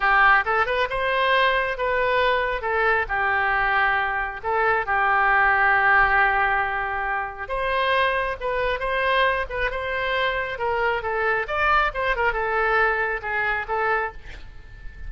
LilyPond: \new Staff \with { instrumentName = "oboe" } { \time 4/4 \tempo 4 = 136 g'4 a'8 b'8 c''2 | b'2 a'4 g'4~ | g'2 a'4 g'4~ | g'1~ |
g'4 c''2 b'4 | c''4. b'8 c''2 | ais'4 a'4 d''4 c''8 ais'8 | a'2 gis'4 a'4 | }